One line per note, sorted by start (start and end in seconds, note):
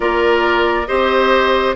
0.00 0.88 A#3
0.00 0.85 F4
0.00 0.88 A#4
0.00 0.86 D5
0.86 1.75 C4
0.86 1.75 G4
0.86 1.75 C5
0.86 1.74 D#5